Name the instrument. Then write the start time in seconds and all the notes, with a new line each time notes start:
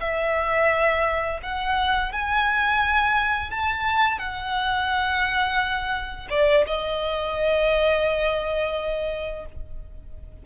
violin
0.00 E5
1.43 F#5
2.12 G#5
3.50 A5
4.19 F#5
6.29 D5
6.67 D#5